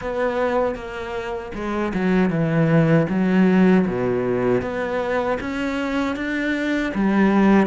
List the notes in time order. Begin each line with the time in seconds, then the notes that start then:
0.01 B3
0.75 A#3
1.54 G#3
1.94 F#3
2.30 E3
3.09 F#3
3.86 B2
4.61 B3
5.40 C#4
6.15 D4
6.94 G3